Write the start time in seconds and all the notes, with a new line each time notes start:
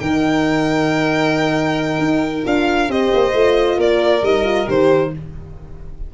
0.00 D#3 D#4 A#4 G5
1.99 D#4
2.44 D4 F4 F5
2.88 C4 G4 C5 D#5
3.14 A#3
3.33 A3 F4
3.78 A#3 A#4 D5
4.23 G3 D#4 D#5
4.44 F4
4.66 D#3 G4 C5